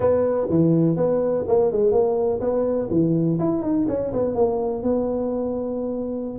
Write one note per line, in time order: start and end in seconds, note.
0.00 0.47 B3
0.49 0.96 E3
0.96 1.44 B3
1.47 1.72 A#3
1.72 1.91 G#3
1.91 2.40 A#3
2.40 2.88 B3
2.90 3.38 E3
3.39 3.62 E4
3.62 3.86 D#4
3.88 4.12 C#4
4.12 4.34 B3
4.34 4.82 A#3
4.82 6.38 B3